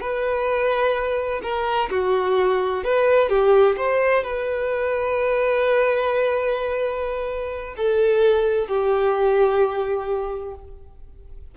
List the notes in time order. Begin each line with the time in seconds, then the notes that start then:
0.00 B4
1.42 A#4
1.90 F#4
2.84 B4
3.29 G4
3.76 C5
4.23 B4
7.76 A4
8.67 G4